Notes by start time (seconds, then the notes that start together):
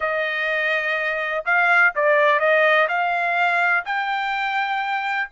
0.00 D#5
1.45 F5
1.95 D5
2.39 D#5
2.88 F5
3.85 G5